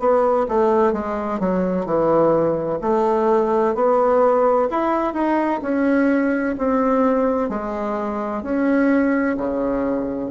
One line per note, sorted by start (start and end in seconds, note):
0.00 0.47 B3
0.49 0.93 A3
0.93 1.40 G#3
1.40 1.86 F#3
1.86 2.80 E3
2.82 3.75 A3
3.75 4.69 B3
4.71 5.14 E4
5.14 5.61 D#4
5.62 6.56 C#4
6.58 7.50 C4
7.50 8.43 G#3
8.43 9.37 C#4
9.37 10.31 C#3